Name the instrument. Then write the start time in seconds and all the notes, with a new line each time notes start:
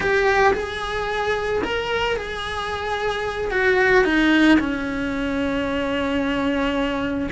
cello
0.00 G4
0.53 G#4
1.63 A#4
2.16 G#4
3.50 F#4
4.04 D#4
4.59 C#4